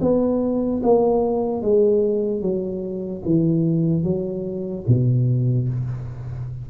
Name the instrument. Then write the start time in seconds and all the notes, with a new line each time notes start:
tuba
0.00 B3
0.83 A#3
1.61 G#3
2.41 F#3
3.25 E3
4.03 F#3
4.87 B2